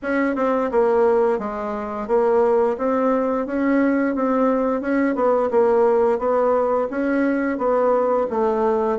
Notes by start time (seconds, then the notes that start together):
0.02 C#4
0.35 C4
0.71 A#3
1.39 G#3
2.07 A#3
2.77 C4
3.46 C#4
4.15 C4
4.81 C#4
5.15 B3
5.50 A#3
6.18 B3
6.90 C#4
7.57 B3
8.29 A3